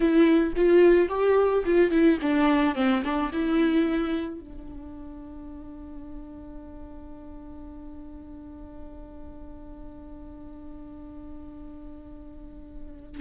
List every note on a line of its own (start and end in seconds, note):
0.00 0.53 E4
0.56 1.09 F4
1.09 1.64 G4
1.65 1.90 F4
1.90 2.18 E4
2.21 2.75 D4
2.75 3.03 C4
3.04 3.31 D4
3.32 4.40 E4
4.40 13.20 D4